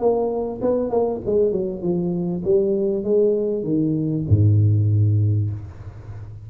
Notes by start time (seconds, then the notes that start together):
0.00 A#3
0.62 B3
0.91 A#3
1.26 G#3
1.52 F#3
1.82 F3
2.45 G3
3.04 G#3
3.64 D#3
4.29 G#2